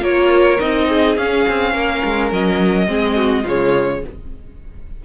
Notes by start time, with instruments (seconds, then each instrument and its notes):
0.00 cello A#3, viola F4, violin A#4 C#5
0.61 cello C4, viola D#4, violin D#5
0.89 violin G#4
1.18 cello C#4, viola C#4, violin F5
1.48 cello C4
1.73 cello A#3, violin A#4
2.05 cello G#3
2.32 cello F#3, violin D#5
2.88 cello G#3, viola C4, violin G#4
3.16 violin F#4
3.44 cello C#3, viola G#3, violin F4 C#5